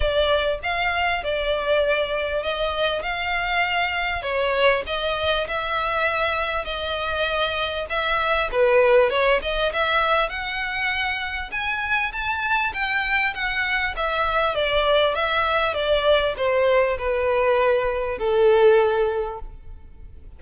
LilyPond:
\new Staff \with { instrumentName = "violin" } { \time 4/4 \tempo 4 = 99 d''4 f''4 d''2 | dis''4 f''2 cis''4 | dis''4 e''2 dis''4~ | dis''4 e''4 b'4 cis''8 dis''8 |
e''4 fis''2 gis''4 | a''4 g''4 fis''4 e''4 | d''4 e''4 d''4 c''4 | b'2 a'2 | }